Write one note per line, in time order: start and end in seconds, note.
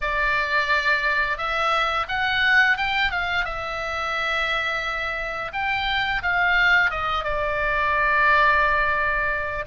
0.01 1.37 D5
1.37 2.06 E5
2.08 2.77 F#5
2.77 3.11 G5
3.11 3.45 F5
3.45 5.51 E5
5.52 6.21 G5
6.22 6.90 F5
6.90 7.24 D#5
7.24 9.65 D5